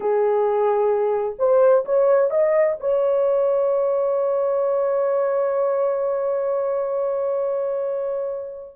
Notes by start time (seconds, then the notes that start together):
0.00 G#4
1.38 C5
1.85 C#5
2.30 D#5
2.80 C#5